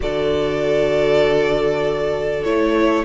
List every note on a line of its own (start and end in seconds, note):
0.00 2.45 D3
0.00 2.45 F#4
0.00 3.04 A4
0.00 2.44 D5
2.44 3.04 A3
2.44 3.04 E4
2.44 3.04 C#5